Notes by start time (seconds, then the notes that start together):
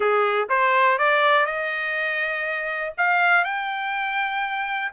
0.00 G#4
0.49 C5
0.98 D5
1.46 D#5
2.97 F5
3.44 G5